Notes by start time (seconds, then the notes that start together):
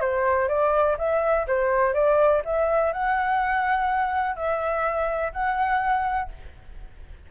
0.00 C5
0.48 D5
0.98 E5
1.47 C5
1.93 D5
2.45 E5
2.93 F#5
4.36 E5
5.32 F#5